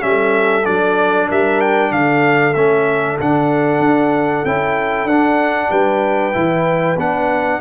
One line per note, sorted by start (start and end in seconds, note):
0.00 0.66 G3
0.00 0.63 C#4
0.00 0.66 E5
0.07 1.29 A4
0.65 1.30 F#3
0.65 2.54 D4
0.65 1.29 D5
1.29 1.92 G3
1.29 1.92 A#4
1.29 1.61 E5
1.61 1.93 G5
1.92 2.55 D3
1.92 5.71 A4
1.92 2.54 F5
2.54 3.18 A3
2.54 3.20 C#4
2.54 3.17 E5
3.20 3.80 D3
3.20 4.46 D4
3.20 4.45 F#5
3.80 4.43 D4
4.45 5.05 C#4
4.45 5.09 E4
4.45 5.08 G5
5.05 5.68 D4
5.05 6.33 D4
5.05 5.71 F#5
5.71 6.35 G3
5.71 7.60 B4
5.71 6.97 G5
6.33 6.97 E3
6.33 6.96 E4
6.97 7.60 B3
6.97 7.61 D4
6.97 7.61 F#5